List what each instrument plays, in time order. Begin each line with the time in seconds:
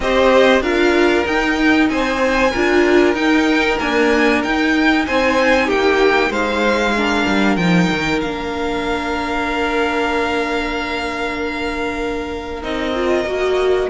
0.00 cello C4, viola G4, violin C5 D#5
0.60 cello D4, viola F4, violin A#4 F5
1.23 viola D#4, cello D#4, violin G5
1.89 cello C4, violin C5 G#5
2.51 cello D4, viola F4, violin A#4
3.14 cello D#4, viola D#4, violin G5
3.78 viola A#3, cello D4, violin G#5
4.43 viola D#4, cello D#4, violin G5
5.06 cello C4, violin C5 G#5
5.66 cello A#3, violin G4 G5
6.30 cello G#3, violin C5 F5
6.96 viola D4, violin A#4
7.26 cello G3
7.56 cello F3, viola D#4, violin G5
7.91 cello D#3
8.20 cello A#3, viola D4, violin F5
12.62 cello C4, viola D#4, violin D#5
12.94 viola F4
13.24 cello A#3, viola F#4